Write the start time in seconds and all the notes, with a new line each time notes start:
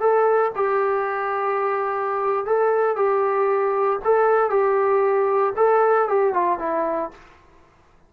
0.00 A4
0.56 G4
2.46 A4
2.96 G4
4.04 A4
4.50 G4
5.57 A4
6.09 G4
6.34 F4
6.59 E4